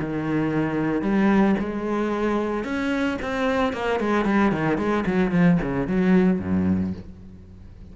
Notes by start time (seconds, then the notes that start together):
0.00 D#3
1.02 G3
1.60 G#3
2.64 C#4
3.22 C4
3.73 A#3
4.00 G#3
4.25 G3
4.52 D#3
4.78 G#3
5.06 F#3
5.32 F3
5.62 C#3
5.88 F#3
6.40 F#2